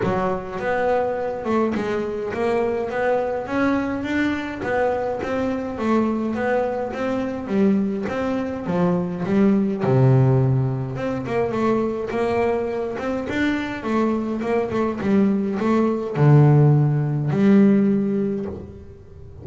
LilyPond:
\new Staff \with { instrumentName = "double bass" } { \time 4/4 \tempo 4 = 104 fis4 b4. a8 gis4 | ais4 b4 cis'4 d'4 | b4 c'4 a4 b4 | c'4 g4 c'4 f4 |
g4 c2 c'8 ais8 | a4 ais4. c'8 d'4 | a4 ais8 a8 g4 a4 | d2 g2 | }